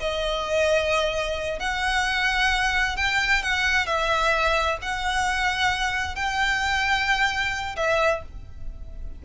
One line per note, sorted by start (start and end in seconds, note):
0.00 1.59 D#5
1.59 2.96 F#5
2.96 3.42 G5
3.42 3.86 F#5
3.86 4.78 E5
4.82 6.15 F#5
6.15 7.76 G5
7.76 8.22 E5